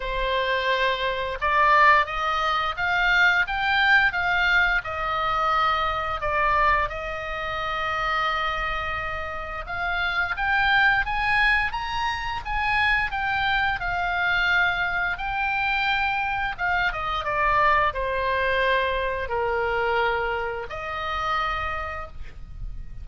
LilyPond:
\new Staff \with { instrumentName = "oboe" } { \time 4/4 \tempo 4 = 87 c''2 d''4 dis''4 | f''4 g''4 f''4 dis''4~ | dis''4 d''4 dis''2~ | dis''2 f''4 g''4 |
gis''4 ais''4 gis''4 g''4 | f''2 g''2 | f''8 dis''8 d''4 c''2 | ais'2 dis''2 | }